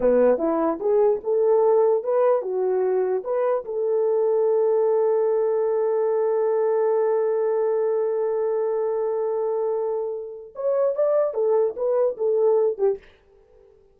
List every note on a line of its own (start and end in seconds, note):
0.00 0.38 B3
0.38 0.78 E4
0.80 1.20 G#4
1.23 2.03 A4
2.03 2.42 B4
2.42 3.23 F#4
3.24 3.64 B4
3.64 10.54 A4
10.55 10.95 C#5
10.95 11.34 D5
11.34 11.74 A4
11.76 12.16 B4
12.17 12.78 A4
12.78 12.98 G4